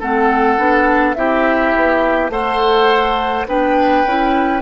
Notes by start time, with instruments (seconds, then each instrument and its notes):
0.00 bassoon A3, clarinet C4, oboe A4, flute F#5
0.58 bassoon B3, clarinet D4
1.15 bassoon C4, clarinet E4, oboe G4, flute E5
1.76 bassoon B3
2.30 bassoon A3, clarinet A4, oboe C5, flute F#5
3.47 bassoon B3, clarinet D4, oboe B4, flute G5
4.05 bassoon C#4, clarinet E4